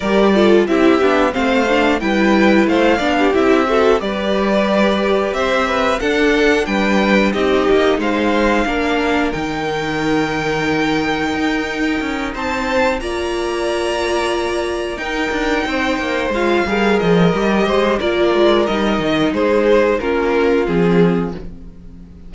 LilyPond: <<
  \new Staff \with { instrumentName = "violin" } { \time 4/4 \tempo 4 = 90 d''4 e''4 f''4 g''4 | f''4 e''4 d''2 | e''4 fis''4 g''4 dis''4 | f''2 g''2~ |
g''2~ g''8 a''4 ais''8~ | ais''2~ ais''8 g''4.~ | g''8 f''4 dis''4. d''4 | dis''4 c''4 ais'4 gis'4 | }
  \new Staff \with { instrumentName = "violin" } { \time 4/4 ais'8 a'8 g'4 c''4 b'4 | c''8 d''16 g'8. a'8 b'2 | c''8 b'8 a'4 b'4 g'4 | c''4 ais'2.~ |
ais'2~ ais'8 c''4 d''8~ | d''2~ d''8 ais'4 c''8~ | c''4 ais'4. c''8 ais'4~ | ais'4 gis'4 f'2 | }
  \new Staff \with { instrumentName = "viola" } { \time 4/4 g'8 f'8 e'8 d'8 c'8 d'8 e'4~ | e'8 d'8 e'8 fis'8 g'2~ | g'4 d'2 dis'4~ | dis'4 d'4 dis'2~ |
dis'2.~ dis'8 f'8~ | f'2~ f'8 dis'4.~ | dis'8 f'8 gis'4 g'4 f'4 | dis'2 cis'4 c'4 | }
  \new Staff \with { instrumentName = "cello" } { \time 4/4 g4 c'8 b8 a4 g4 | a8 b8 c'4 g2 | c'4 d'4 g4 c'8 ais8 | gis4 ais4 dis2~ |
dis4 dis'4 cis'8 c'4 ais8~ | ais2~ ais8 dis'8 d'8 c'8 | ais8 gis8 g8 f8 g8 gis8 ais8 gis8 | g8 dis8 gis4 ais4 f4 | }
>>